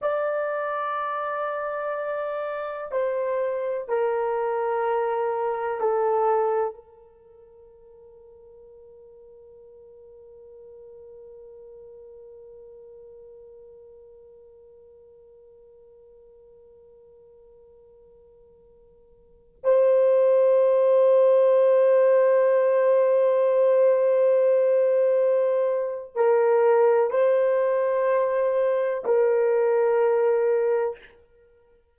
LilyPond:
\new Staff \with { instrumentName = "horn" } { \time 4/4 \tempo 4 = 62 d''2. c''4 | ais'2 a'4 ais'4~ | ais'1~ | ais'1~ |
ais'1~ | ais'16 c''2.~ c''8.~ | c''2. ais'4 | c''2 ais'2 | }